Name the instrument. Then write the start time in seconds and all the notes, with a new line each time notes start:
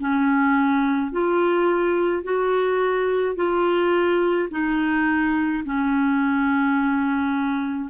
clarinet
0.00 C#4
1.12 F4
2.23 F#4
3.36 F4
4.51 D#4
5.65 C#4